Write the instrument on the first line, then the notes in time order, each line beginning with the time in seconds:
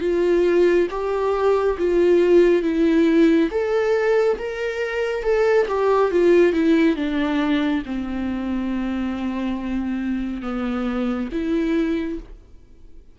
viola
0.00 F4
0.90 G4
1.77 F4
2.62 E4
3.50 A4
4.38 A#4
5.23 A4
5.68 G4
6.11 F4
6.53 E4
6.96 D4
7.85 C4
10.42 B3
11.32 E4